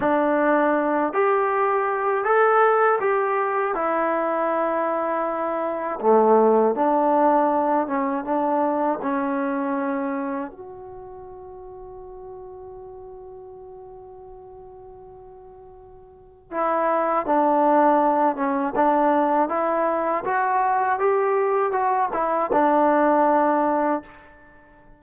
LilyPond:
\new Staff \with { instrumentName = "trombone" } { \time 4/4 \tempo 4 = 80 d'4. g'4. a'4 | g'4 e'2. | a4 d'4. cis'8 d'4 | cis'2 fis'2~ |
fis'1~ | fis'2 e'4 d'4~ | d'8 cis'8 d'4 e'4 fis'4 | g'4 fis'8 e'8 d'2 | }